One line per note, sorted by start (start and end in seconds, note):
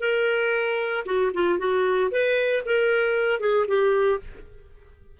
0.00 1.04 A#4
1.05 1.31 F#4
1.34 1.58 F4
1.58 2.11 F#4
2.11 2.63 B4
2.65 3.40 A#4
3.40 3.66 G#4
3.67 4.20 G4